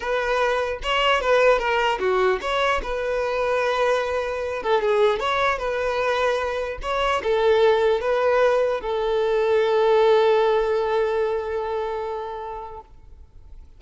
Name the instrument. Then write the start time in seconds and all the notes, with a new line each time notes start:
violin
0.00 B4
0.82 C#5
1.20 B4
1.58 A#4
1.99 F#4
2.41 C#5
2.82 B4
4.62 A4
4.81 G#4
5.19 C#5
5.58 B4
6.81 C#5
7.23 A4
8.00 B4
8.81 A4